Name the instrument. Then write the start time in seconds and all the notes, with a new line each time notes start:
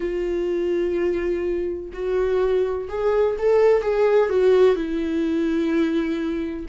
viola
0.00 F4
1.93 F#4
2.89 G#4
3.38 A4
3.82 G#4
4.29 F#4
4.75 E4